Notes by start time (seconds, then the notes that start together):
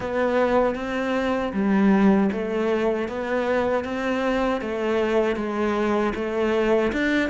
0.00 B3
0.75 C4
1.53 G3
2.32 A3
3.08 B3
3.84 C4
4.61 A3
5.36 G#3
6.15 A3
6.92 D4